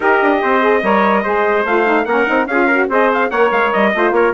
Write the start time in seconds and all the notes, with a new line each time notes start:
0.00 D#4 G4 A#4 D#5
0.21 D4
0.42 C4 C5
0.60 G#4
0.83 G3 A#4 C#5
1.23 G#3 G#4 C5
1.64 A3 F4 F5
1.85 D#4
2.05 A#3 C#4 A#4 F#5
2.26 C4 D#4
2.46 C#4 F4 G#4 F5
2.66 F#4 A#4
2.88 C4 G#4 C5 D#5
3.13 F5
3.30 A#3 A#4 C#5 F#5
3.51 G#3 F5
3.72 G3 D#5
3.93 A3 F4 C5
4.11 A#3 A#4 C#5